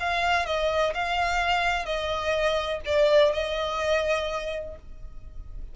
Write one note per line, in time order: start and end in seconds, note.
0.00 0.46 F5
0.46 0.94 D#5
0.95 1.86 F5
1.86 2.81 D#5
2.86 3.33 D5
3.33 4.76 D#5